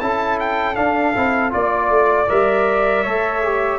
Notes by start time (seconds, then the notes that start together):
0.00 C#4 E4 A4 A5
0.39 G5
0.75 D4 F5
1.16 C4 E4
1.50 A#3 F4 D5
1.89 A3
2.29 G3 A#4 E5
3.03 A3 A4 C#5
3.43 G4